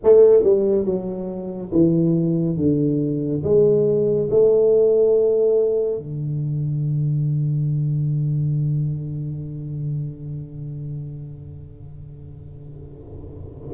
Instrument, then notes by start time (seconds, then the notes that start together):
tuba
0.03 A3
0.43 G3
0.85 F#3
1.71 E3
2.56 D3
3.43 G#3
4.30 A3
5.98 D3